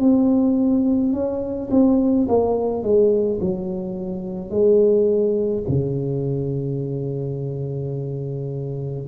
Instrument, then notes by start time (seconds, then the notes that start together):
tuba
0.00 C4
1.13 C#4
1.71 C4
2.28 A#3
2.83 G#3
3.41 F#3
4.50 G#3
5.68 C#3